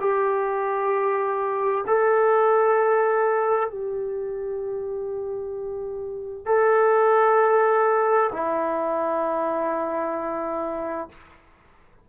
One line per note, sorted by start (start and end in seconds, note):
0.00 1.85 G4
1.87 3.70 A4
3.70 6.46 G4
6.46 8.30 A4
8.32 11.09 E4